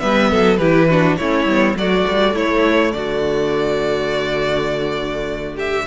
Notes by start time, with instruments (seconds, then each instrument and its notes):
0.00 cello G3, viola B3, violin B4 E5
0.31 cello F#3, violin A4
0.57 cello E3, viola E4, violin G4 B4
0.89 viola D4, violin F#4
1.17 cello A3, viola C#4, violin E4 C#5
1.45 cello G3, viola B3
1.76 cello F#3, viola A3, violin F#4 D5
2.08 cello G3
2.34 cello A3, violin E4 C#5
2.92 cello D3, violin F#4 D5
5.56 violin G4 E5